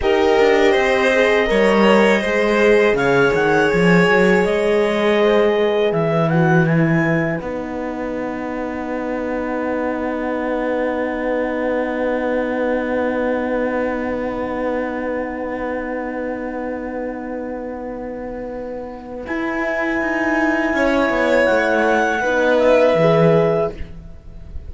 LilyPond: <<
  \new Staff \with { instrumentName = "clarinet" } { \time 4/4 \tempo 4 = 81 dis''1 | f''8 fis''8 gis''4 dis''2 | e''8 fis''8 gis''4 fis''2~ | fis''1~ |
fis''1~ | fis''1~ | fis''2 gis''2~ | gis''4 fis''4. e''4. | }
  \new Staff \with { instrumentName = "violin" } { \time 4/4 ais'4 c''4 cis''4 c''4 | cis''2. c''8 b'8~ | b'1~ | b'1~ |
b'1~ | b'1~ | b'1 | cis''2 b'2 | }
  \new Staff \with { instrumentName = "horn" } { \time 4/4 g'4. gis'8 ais'4 gis'4~ | gis'1~ | gis'8 fis'8 e'4 dis'2~ | dis'1~ |
dis'1~ | dis'1~ | dis'2 e'2~ | e'2 dis'4 gis'4 | }
  \new Staff \with { instrumentName = "cello" } { \time 4/4 dis'8 d'8 c'4 g4 gis4 | cis8 dis8 f8 fis8 gis2 | e2 b2~ | b1~ |
b1~ | b1~ | b2 e'4 dis'4 | cis'8 b8 a4 b4 e4 | }
>>